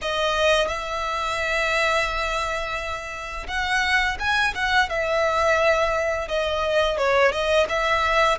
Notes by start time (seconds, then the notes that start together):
0.01 D#5
0.67 E5
3.47 F#5
4.19 G#5
4.54 F#5
4.89 E5
6.28 D#5
6.97 C#5
7.32 D#5
7.68 E5